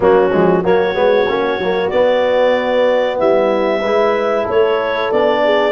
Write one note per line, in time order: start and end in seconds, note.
0.00 0.31 F#3
0.00 0.30 A#3
0.00 0.63 C#4
0.00 0.64 F#4
0.32 0.64 F3
0.32 0.63 G#3
0.63 0.95 F#3
0.63 0.94 A#3
0.63 3.18 F#4
0.63 1.89 C#5
0.94 1.27 G#3
0.94 1.26 B3
1.28 1.58 A#3
1.28 1.60 C#4
1.58 1.90 F#3
1.58 1.91 A#3
1.89 3.82 B3
1.89 3.20 B3
1.89 3.17 D5
3.18 3.82 G3
3.18 3.80 E4
3.18 4.47 E5
3.80 4.46 G#3
3.80 5.13 E4
3.80 4.44 B4
4.45 5.11 A3
4.45 5.41 A4
4.45 5.11 C#5
5.11 5.71 B3
5.11 5.71 D4
5.11 5.71 D5
5.44 5.71 G#4